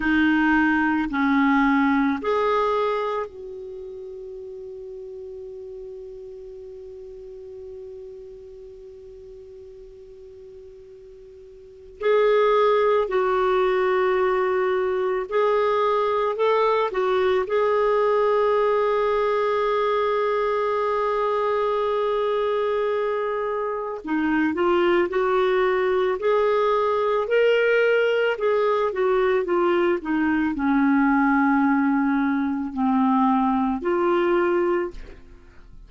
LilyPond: \new Staff \with { instrumentName = "clarinet" } { \time 4/4 \tempo 4 = 55 dis'4 cis'4 gis'4 fis'4~ | fis'1~ | fis'2. gis'4 | fis'2 gis'4 a'8 fis'8 |
gis'1~ | gis'2 dis'8 f'8 fis'4 | gis'4 ais'4 gis'8 fis'8 f'8 dis'8 | cis'2 c'4 f'4 | }